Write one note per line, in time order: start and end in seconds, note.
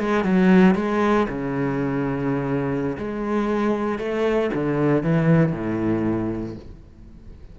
0.00 0.24 G#3
0.24 0.75 F#3
0.75 1.27 G#3
1.29 2.97 C#3
2.98 3.99 G#3
3.99 4.50 A3
4.54 5.03 D3
5.03 5.53 E3
5.53 6.56 A2